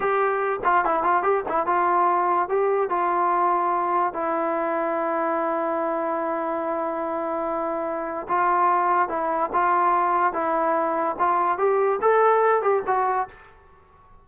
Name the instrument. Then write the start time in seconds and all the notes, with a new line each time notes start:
trombone
0.00 G4
0.64 F4
0.84 E4
1.03 F4
1.23 G4
1.48 E4
1.66 F4
2.48 G4
2.89 F4
4.13 E4
8.28 F4
9.08 E4
9.52 F4
10.33 E4
11.18 F4
11.58 G4
12.01 A4
12.62 G4
12.86 F#4